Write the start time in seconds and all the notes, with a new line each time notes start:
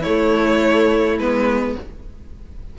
0.00 A3 E4 C#5
0.06 A3
1.18 G#3 B3 B4